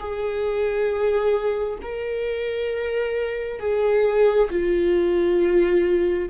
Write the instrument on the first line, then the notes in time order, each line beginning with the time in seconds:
viola
0.00 G#4
1.82 A#4
3.60 G#4
4.51 F4